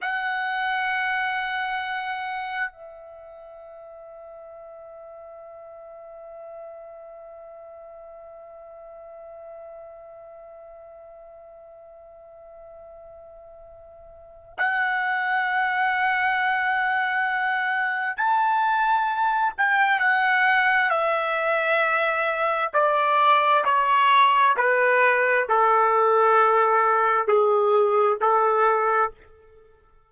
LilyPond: \new Staff \with { instrumentName = "trumpet" } { \time 4/4 \tempo 4 = 66 fis''2. e''4~ | e''1~ | e''1~ | e''1 |
fis''1 | a''4. g''8 fis''4 e''4~ | e''4 d''4 cis''4 b'4 | a'2 gis'4 a'4 | }